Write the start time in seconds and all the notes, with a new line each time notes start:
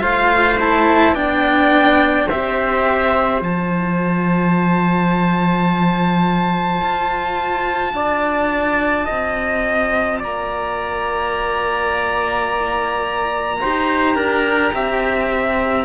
0.00 A3 F4 C5 F5
0.59 E4 A5
1.12 B3 D4 D5 G5
2.27 C4 G4 C5 E5
3.40 F3 F4 A5
6.81 F4
7.93 D4 D5
9.05 C4 D#5
10.19 A#3 D5 A#5
13.61 D#4 G4 C5
14.15 D4 A#4
14.73 C4 E5